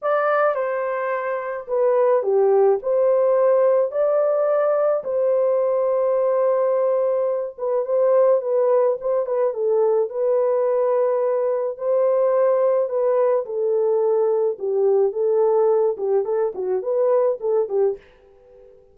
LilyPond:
\new Staff \with { instrumentName = "horn" } { \time 4/4 \tempo 4 = 107 d''4 c''2 b'4 | g'4 c''2 d''4~ | d''4 c''2.~ | c''4. b'8 c''4 b'4 |
c''8 b'8 a'4 b'2~ | b'4 c''2 b'4 | a'2 g'4 a'4~ | a'8 g'8 a'8 fis'8 b'4 a'8 g'8 | }